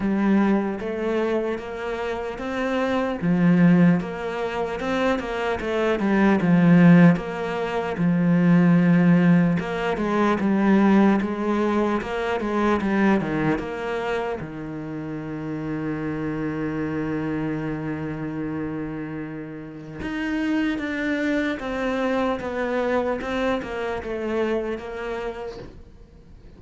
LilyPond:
\new Staff \with { instrumentName = "cello" } { \time 4/4 \tempo 4 = 75 g4 a4 ais4 c'4 | f4 ais4 c'8 ais8 a8 g8 | f4 ais4 f2 | ais8 gis8 g4 gis4 ais8 gis8 |
g8 dis8 ais4 dis2~ | dis1~ | dis4 dis'4 d'4 c'4 | b4 c'8 ais8 a4 ais4 | }